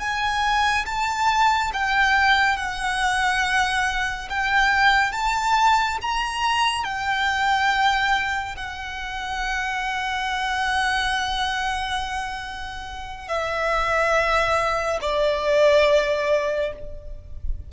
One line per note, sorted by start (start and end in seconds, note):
0.00 0.86 G#5
0.86 1.71 A5
1.74 2.57 G5
2.57 4.29 F#5
4.29 5.12 G5
5.12 5.98 A5
6.02 6.84 A#5
6.84 8.56 G5
8.57 13.28 F#5
13.28 15.00 E5
15.01 16.73 D5